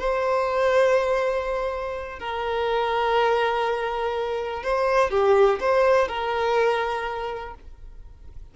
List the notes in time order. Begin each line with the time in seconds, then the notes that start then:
0.00 C5
2.20 A#4
4.64 C5
5.11 G4
5.61 C5
6.09 A#4